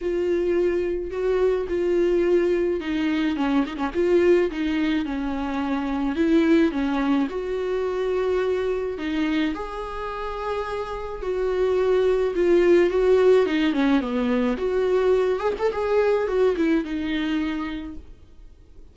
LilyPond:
\new Staff \with { instrumentName = "viola" } { \time 4/4 \tempo 4 = 107 f'2 fis'4 f'4~ | f'4 dis'4 cis'8 dis'16 cis'16 f'4 | dis'4 cis'2 e'4 | cis'4 fis'2. |
dis'4 gis'2. | fis'2 f'4 fis'4 | dis'8 cis'8 b4 fis'4. gis'16 a'16 | gis'4 fis'8 e'8 dis'2 | }